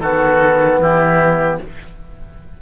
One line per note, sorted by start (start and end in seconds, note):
0.00 0.79 D#3
0.00 1.61 B3
0.00 0.81 F#4
0.00 0.79 A4
0.79 1.58 E3
0.79 1.60 E4
0.79 1.62 G4